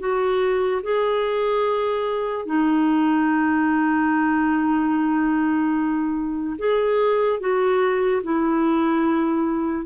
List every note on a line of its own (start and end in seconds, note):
0.00 0.82 F#4
0.83 2.46 G#4
2.46 6.57 D#4
6.58 7.40 G#4
7.40 8.23 F#4
8.23 9.86 E4